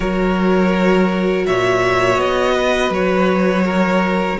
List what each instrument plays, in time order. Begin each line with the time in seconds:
0.00 cello F#3, viola F#4, violin A#4 C#5
1.46 cello A#2, violin C#5 E5
2.17 cello B3, violin D#5
2.54 violin B4
2.90 cello F#3, violin C#5
3.65 violin A#4